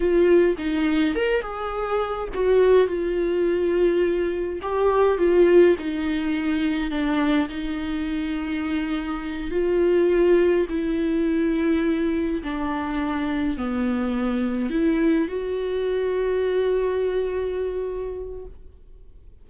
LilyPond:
\new Staff \with { instrumentName = "viola" } { \time 4/4 \tempo 4 = 104 f'4 dis'4 ais'8 gis'4. | fis'4 f'2. | g'4 f'4 dis'2 | d'4 dis'2.~ |
dis'8 f'2 e'4.~ | e'4. d'2 b8~ | b4. e'4 fis'4.~ | fis'1 | }